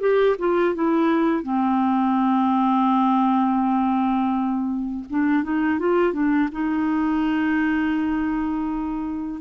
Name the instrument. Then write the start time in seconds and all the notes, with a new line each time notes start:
clarinet
0.00 G4
0.38 F4
0.75 E4
1.43 C4
5.10 D4
5.43 D#4
5.79 F4
6.13 D4
6.52 D#4